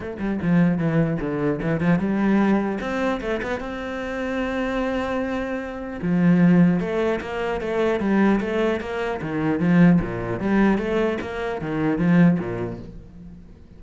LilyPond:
\new Staff \with { instrumentName = "cello" } { \time 4/4 \tempo 4 = 150 a8 g8 f4 e4 d4 | e8 f8 g2 c'4 | a8 b8 c'2.~ | c'2. f4~ |
f4 a4 ais4 a4 | g4 a4 ais4 dis4 | f4 ais,4 g4 a4 | ais4 dis4 f4 ais,4 | }